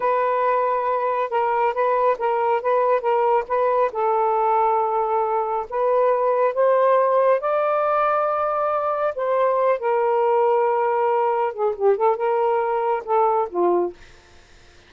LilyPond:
\new Staff \with { instrumentName = "saxophone" } { \time 4/4 \tempo 4 = 138 b'2. ais'4 | b'4 ais'4 b'4 ais'4 | b'4 a'2.~ | a'4 b'2 c''4~ |
c''4 d''2.~ | d''4 c''4. ais'4.~ | ais'2~ ais'8 gis'8 g'8 a'8 | ais'2 a'4 f'4 | }